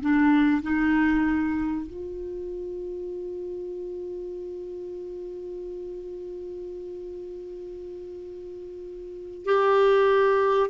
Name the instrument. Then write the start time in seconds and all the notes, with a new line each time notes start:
clarinet
0.00 D4
0.62 D#4
1.87 F4
9.45 G4